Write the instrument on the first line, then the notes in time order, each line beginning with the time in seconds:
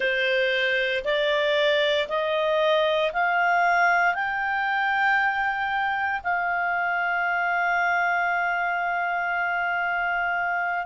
clarinet
0.00 C5
1.04 D5
2.08 D#5
3.13 F5
4.14 G5
6.24 F5